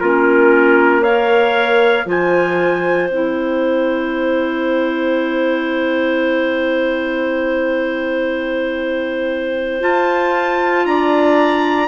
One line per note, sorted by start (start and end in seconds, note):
0.00 2.05 A#3
0.00 1.05 C#4
0.00 1.02 F4
0.00 1.03 A#4
1.02 2.06 A#4
1.02 2.05 C#5
1.02 2.06 F5
2.05 3.09 F3
2.05 3.09 F4
2.05 10.86 C5
2.05 3.10 G#5
3.09 9.81 C4
3.09 9.81 E4
3.09 9.83 G5
9.81 11.87 F4
9.81 10.85 F4
9.81 10.86 A5
10.85 11.87 D4
10.85 11.87 D5
10.85 11.87 A#5